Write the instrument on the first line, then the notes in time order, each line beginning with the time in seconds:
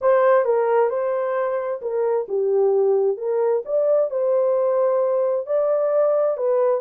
horn
0.01 C5
0.44 A#4
0.89 C5
1.81 A#4
2.28 G4
3.17 A#4
3.65 D5
4.10 C5
5.46 D5
6.37 B4